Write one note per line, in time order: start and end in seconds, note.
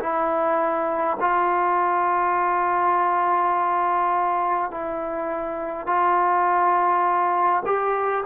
0.00 1.18 E4
1.20 4.71 F4
4.71 5.87 E4
5.87 7.63 F4
7.66 8.25 G4